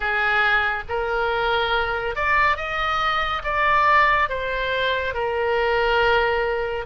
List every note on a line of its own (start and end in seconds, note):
0.00 0.83 G#4
0.88 2.15 A#4
2.15 2.56 D5
2.56 3.42 D#5
3.43 4.29 D5
4.29 5.14 C5
5.14 6.85 A#4